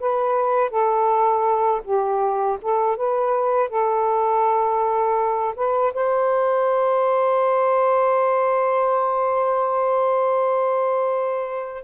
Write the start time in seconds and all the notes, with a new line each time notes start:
0.00 B4
0.70 A4
1.84 G4
2.62 A4
2.96 B4
3.69 A4
5.56 B4
5.94 C5